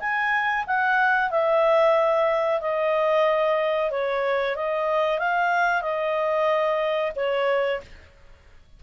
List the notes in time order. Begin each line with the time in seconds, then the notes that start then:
0.00 G#5
0.67 F#5
1.31 E5
2.61 D#5
3.91 C#5
4.56 D#5
5.19 F5
5.82 D#5
7.16 C#5